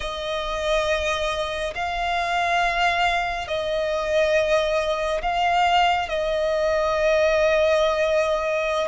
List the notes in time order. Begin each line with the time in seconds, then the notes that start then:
0.00 D#5
1.74 F5
3.47 D#5
5.22 F5
6.08 D#5